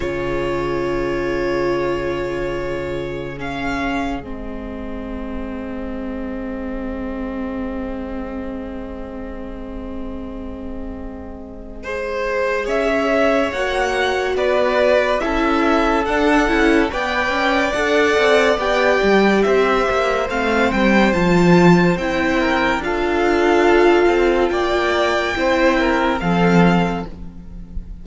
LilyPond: <<
  \new Staff \with { instrumentName = "violin" } { \time 4/4 \tempo 4 = 71 cis''1 | f''4 dis''2.~ | dis''1~ | dis''2. e''4 |
fis''4 d''4 e''4 fis''4 | g''4 fis''4 g''4 e''4 | f''8 g''8 a''4 g''4 f''4~ | f''4 g''2 f''4 | }
  \new Staff \with { instrumentName = "violin" } { \time 4/4 gis'1~ | gis'1~ | gis'1~ | gis'2 c''4 cis''4~ |
cis''4 b'4 a'2 | d''2. c''4~ | c''2~ c''8 ais'8 a'4~ | a'4 d''4 c''8 ais'8 a'4 | }
  \new Staff \with { instrumentName = "viola" } { \time 4/4 f'1 | cis'4 c'2.~ | c'1~ | c'2 gis'2 |
fis'2 e'4 d'8 e'8 | b'4 a'4 g'2 | c'4 f'4 e'4 f'4~ | f'2 e'4 c'4 | }
  \new Staff \with { instrumentName = "cello" } { \time 4/4 cis1~ | cis4 gis2.~ | gis1~ | gis2. cis'4 |
ais4 b4 cis'4 d'8 cis'8 | b8 cis'8 d'8 c'8 b8 g8 c'8 ais8 | a8 g8 f4 c'4 d'4~ | d'8 c'8 ais4 c'4 f4 | }
>>